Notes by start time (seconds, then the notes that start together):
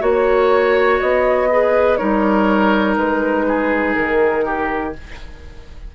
0.00 A#3 F#4 C#5
1.01 B3 D#5
1.51 G#4 B4
1.97 G3 D#4 A#4 C#5
2.97 G#3 B4
3.48 G#4
3.94 D#3 A#4
4.45 G4